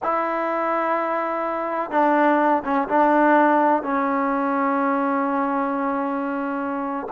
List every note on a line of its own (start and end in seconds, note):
0.02 1.90 E4
1.90 2.62 D4
2.64 2.88 C#4
2.88 3.82 D4
3.82 7.06 C#4